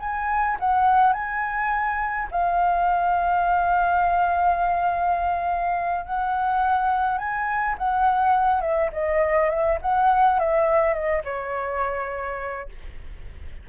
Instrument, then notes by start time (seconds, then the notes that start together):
flute
0.00 G#5
0.60 F#5
1.13 G#5
2.32 F5
6.06 F#5
7.18 G#5
7.78 F#5
8.62 E5
8.93 D#5
9.50 E5
9.82 F#5
10.40 E5
10.94 D#5
11.25 C#5